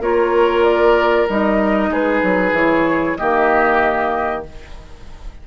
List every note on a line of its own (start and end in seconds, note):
0.00 1.26 A#3
0.00 1.28 F4
0.00 1.90 A#4
0.00 0.64 C#5
0.64 1.27 D5
1.29 1.89 G3
1.29 2.56 D#4
1.29 1.93 D#5
1.89 2.21 G#3
1.89 3.18 G#4
1.89 2.56 B4
2.23 2.52 F#3
2.52 3.15 E3
2.52 3.18 E4
2.52 3.17 C#5
3.17 4.47 D#3
3.17 4.44 A#3
3.17 4.45 G4
3.17 4.43 D#5